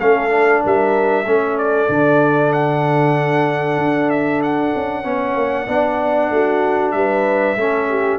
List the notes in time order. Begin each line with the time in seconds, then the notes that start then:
0.00 A3 C#4 A4 F5
0.30 D4
0.63 G3 A#4 E5
1.25 A3 C#4 A4
1.58 D5
1.89 D3 D4
2.53 F#5
3.78 D4
4.10 E5
4.43 F#5
4.75 C#4
5.03 B3 C#4 C#5
5.36 A#3
5.67 B3 D4 D5
6.31 A3 F#4
6.92 G3 B4 E5
7.57 A3 C#4 A4
7.89 G4